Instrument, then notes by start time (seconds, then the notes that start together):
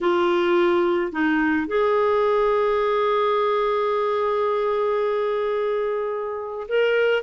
clarinet
0.01 F4
1.11 D#4
1.67 G#4
6.68 A#4